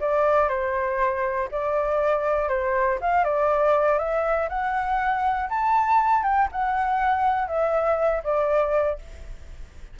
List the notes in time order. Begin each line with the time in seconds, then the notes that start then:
0.00 D5
0.48 C5
1.51 D5
2.48 C5
3.01 F5
3.24 D5
3.98 E5
4.49 F#5
5.49 A5
6.23 G5
6.52 F#5
7.47 E5
8.23 D5